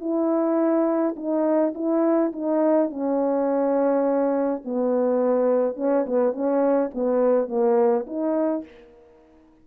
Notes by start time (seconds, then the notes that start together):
0.00 E4
1.16 D#4
1.74 E4
2.32 D#4
2.90 C#4
4.64 B3
5.76 C#4
6.06 B3
6.33 C#4
6.94 B3
7.48 A#3
8.06 D#4